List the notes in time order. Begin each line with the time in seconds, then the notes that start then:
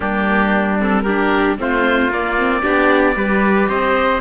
0.00 G3 A#3 D4 G4
0.79 C4 A4
1.02 D4 G4 A#4
1.57 A3 C4 F4 C5
2.09 A#3 D5
2.38 C4
2.62 B3 D4 G4
3.14 G3 G4 B4
3.68 C4 C5 D#5